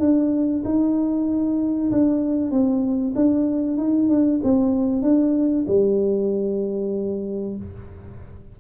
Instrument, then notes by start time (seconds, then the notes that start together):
tuba
0.00 D4
0.65 D#4
1.92 D4
2.51 C4
3.16 D4
3.78 D#4
4.09 D4
4.44 C4
5.02 D4
5.68 G3